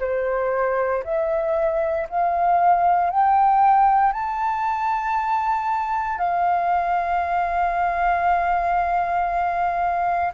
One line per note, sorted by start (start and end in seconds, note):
0.00 1.03 C5
1.04 2.08 E5
2.10 3.10 F5
3.10 4.13 G5
4.13 6.19 A5
6.19 10.33 F5